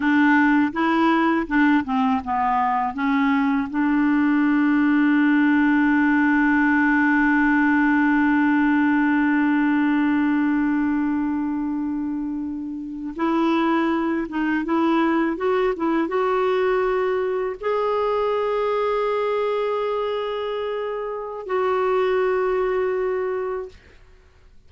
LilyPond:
\new Staff \with { instrumentName = "clarinet" } { \time 4/4 \tempo 4 = 81 d'4 e'4 d'8 c'8 b4 | cis'4 d'2.~ | d'1~ | d'1~ |
d'4.~ d'16 e'4. dis'8 e'16~ | e'8. fis'8 e'8 fis'2 gis'16~ | gis'1~ | gis'4 fis'2. | }